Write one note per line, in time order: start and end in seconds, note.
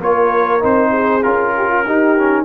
0.00 0.61 A#3
0.00 0.60 F4
0.00 0.91 A#4
0.00 0.63 C#5
0.60 1.24 C4
0.60 1.21 D#4
0.60 1.22 C5
0.91 1.52 G#4
1.22 1.86 C#4
1.22 1.84 F4
1.22 2.44 A#4
1.56 1.67 G4
1.67 1.83 F4
1.85 2.44 D#4
1.85 2.18 D#4
1.85 2.44 G4
2.18 2.44 C#4